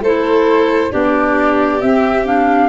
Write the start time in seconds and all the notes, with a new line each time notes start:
0.00 A3 E4 A4 C5
0.91 B3 D4 G4 D5
1.81 C4 E5
2.25 D4 F5